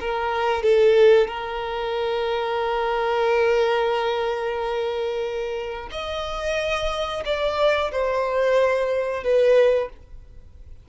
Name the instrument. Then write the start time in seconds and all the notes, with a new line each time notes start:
violin
0.00 A#4
0.63 A4
1.28 A#4
5.92 D#5
7.25 D5
7.92 C5
9.24 B4